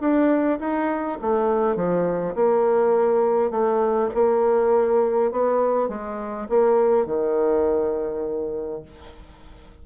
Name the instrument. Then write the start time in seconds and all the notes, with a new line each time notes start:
bassoon
0.00 D4
0.59 D#4
1.21 A3
1.76 F3
2.35 A#3
3.51 A3
4.14 A#3
5.31 B3
5.89 G#3
6.49 A#3
7.06 D#3